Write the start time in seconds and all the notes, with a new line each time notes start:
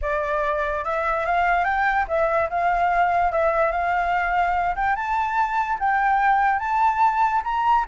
0.01 D5
0.84 E5
1.25 F5
1.64 G5
2.08 E5
2.49 F5
3.32 E5
3.71 F5
4.75 G5
4.95 A5
5.79 G5
6.59 A5
7.44 A#5